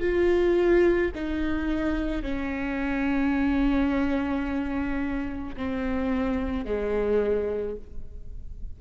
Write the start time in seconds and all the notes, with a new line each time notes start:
0.00 F4
1.15 D#4
2.22 C#4
5.56 C4
6.65 G#3